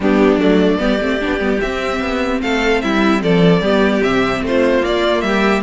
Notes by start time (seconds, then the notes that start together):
0.00 G3 B3 D4 G4
0.37 F#3 A3 D5
0.78 G3 B3 G4
1.01 A3 C4
1.21 B3 D4
1.39 G3 B3
1.60 C4 E5
2.00 B3
2.41 A3 A4 F5
2.81 G3 E4 E5
3.22 F3 A4 D5
3.61 G3 B3 G4
4.02 C3 C4 E5
4.41 A3 C5
4.47 F4
4.82 A#3 D5
5.21 G3 G4 E5